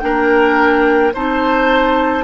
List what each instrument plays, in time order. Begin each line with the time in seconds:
0.00 bassoon A#3, clarinet D4, oboe A#4, flute G5
1.13 bassoon C4, clarinet D#4, oboe C5, flute A5